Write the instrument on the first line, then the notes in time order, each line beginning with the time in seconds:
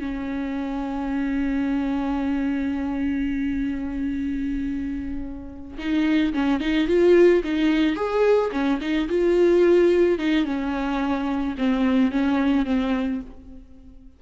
viola
0.00 C#4
5.78 D#4
6.34 C#4
6.61 D#4
6.88 F4
7.44 D#4
7.96 G#4
8.52 C#4
8.81 D#4
9.09 F4
10.19 D#4
10.46 C#4
11.58 C4
12.12 C#4
12.66 C4